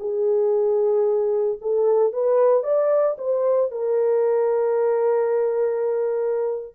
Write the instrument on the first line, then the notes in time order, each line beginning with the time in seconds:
horn
0.00 G#4
1.62 A4
2.13 B4
2.64 D5
3.18 C5
3.72 A#4